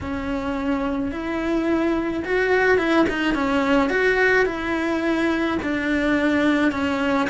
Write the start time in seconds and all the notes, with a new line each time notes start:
0.01 C#4
1.11 E4
2.24 F#4
2.78 E4
3.09 D#4
3.34 C#4
3.89 F#4
4.45 E4
5.62 D4
6.71 C#4